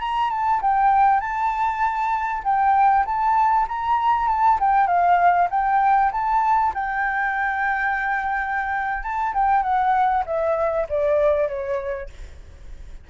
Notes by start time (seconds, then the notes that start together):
0.00 A#5
0.30 A5
0.61 G5
1.20 A5
2.44 G5
3.06 A5
3.68 A#5
4.28 A5
4.60 G5
4.87 F5
5.50 G5
6.12 A5
6.74 G5
9.03 A5
9.34 G5
9.62 F#5
10.26 E5
10.89 D5
11.48 C#5